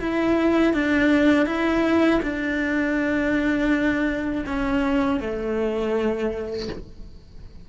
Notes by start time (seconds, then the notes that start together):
0.00 E4
0.73 D4
1.46 E4
2.23 D4
4.46 C#4
5.20 A3